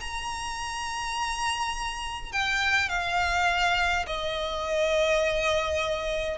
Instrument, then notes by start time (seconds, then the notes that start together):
violin
0.00 A#5
2.32 G5
2.89 F5
4.06 D#5